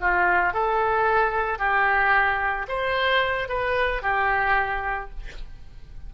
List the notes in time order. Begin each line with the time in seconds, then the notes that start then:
0.00 F4
0.53 A4
1.58 G4
2.68 C5
3.48 B4
4.02 G4